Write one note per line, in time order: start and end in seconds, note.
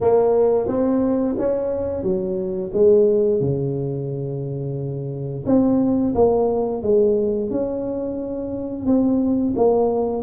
0.01 0.67 A#3
0.67 1.35 C4
1.38 2.03 C#4
2.03 2.71 F#3
2.73 3.40 G#3
3.40 5.45 C#3
5.45 6.14 C4
6.14 6.82 A#3
6.82 7.50 G#3
7.50 8.85 C#4
8.85 9.54 C4
9.56 10.22 A#3